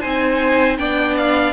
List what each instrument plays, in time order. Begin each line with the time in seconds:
0.00 cello C4, viola D#4, violin C5 G#5
0.77 cello B3, viola D4, violin D5 G5
1.17 violin F5